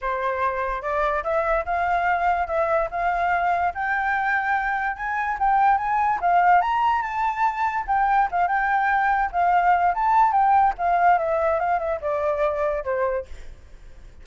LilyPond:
\new Staff \with { instrumentName = "flute" } { \time 4/4 \tempo 4 = 145 c''2 d''4 e''4 | f''2 e''4 f''4~ | f''4 g''2. | gis''4 g''4 gis''4 f''4 |
ais''4 a''2 g''4 | f''8 g''2 f''4. | a''4 g''4 f''4 e''4 | f''8 e''8 d''2 c''4 | }